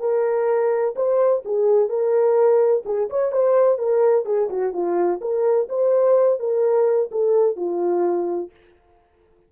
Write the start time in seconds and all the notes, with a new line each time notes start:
0.00 A#4
0.96 C5
1.45 G#4
1.89 A#4
2.85 G#4
3.10 C#5
3.32 C5
3.78 A#4
4.25 G#4
4.50 F#4
4.73 F4
5.21 A#4
5.69 C5
6.39 A#4
7.11 A4
7.56 F4